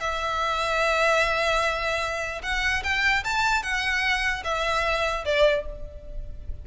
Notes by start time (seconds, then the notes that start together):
0.00 E5
2.43 F#5
2.84 G5
3.24 A5
3.63 F#5
4.44 E5
5.25 D5